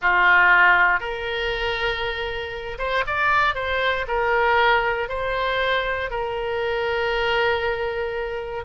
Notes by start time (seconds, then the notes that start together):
0.01 F4
0.99 A#4
2.78 C5
3.06 D5
3.55 C5
4.07 A#4
5.08 C5
6.10 A#4